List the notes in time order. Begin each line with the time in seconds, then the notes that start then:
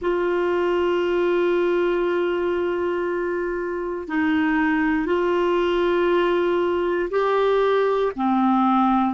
0.01 F4
4.08 D#4
5.06 F4
7.10 G4
8.15 C4